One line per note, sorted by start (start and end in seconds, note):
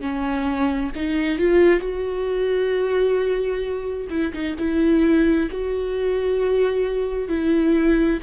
0.00 0.91 C#4
0.95 1.38 D#4
1.38 1.80 F4
1.80 4.07 F#4
4.10 4.33 E4
4.33 4.55 D#4
4.59 5.50 E4
5.51 7.29 F#4
7.29 8.19 E4